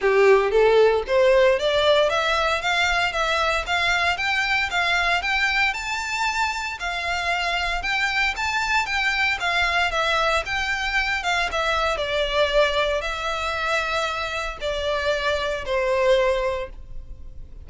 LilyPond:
\new Staff \with { instrumentName = "violin" } { \time 4/4 \tempo 4 = 115 g'4 a'4 c''4 d''4 | e''4 f''4 e''4 f''4 | g''4 f''4 g''4 a''4~ | a''4 f''2 g''4 |
a''4 g''4 f''4 e''4 | g''4. f''8 e''4 d''4~ | d''4 e''2. | d''2 c''2 | }